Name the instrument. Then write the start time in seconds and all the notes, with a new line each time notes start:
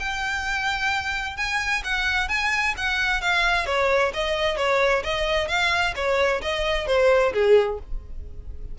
violin
0.00 G5
1.37 G#5
1.84 F#5
2.29 G#5
2.78 F#5
3.21 F5
3.66 C#5
4.14 D#5
4.57 C#5
5.04 D#5
5.49 F5
5.96 C#5
6.42 D#5
6.87 C5
7.33 G#4